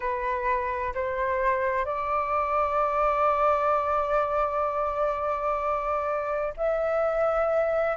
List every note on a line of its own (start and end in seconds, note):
0.00 0.93 B4
0.94 1.85 C5
1.85 6.54 D5
6.56 7.96 E5